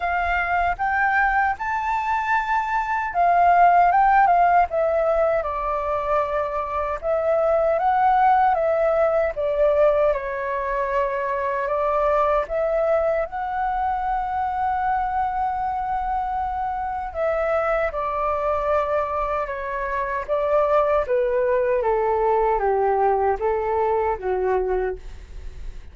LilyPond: \new Staff \with { instrumentName = "flute" } { \time 4/4 \tempo 4 = 77 f''4 g''4 a''2 | f''4 g''8 f''8 e''4 d''4~ | d''4 e''4 fis''4 e''4 | d''4 cis''2 d''4 |
e''4 fis''2.~ | fis''2 e''4 d''4~ | d''4 cis''4 d''4 b'4 | a'4 g'4 a'4 fis'4 | }